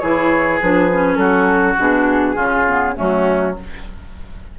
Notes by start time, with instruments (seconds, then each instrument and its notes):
0.00 bassoon E3, clarinet E4, oboe G#4, flute C#5
0.62 bassoon F3, clarinet D4, flute B4
0.93 clarinet C#4
1.16 bassoon F#3, oboe F#4, flute A4
1.79 bassoon B2, clarinet D4, flute G#4
2.36 bassoon C#3, clarinet C#4, oboe F4
2.67 clarinet B3
2.95 bassoon F#3, clarinet A3, oboe C#4, flute F#4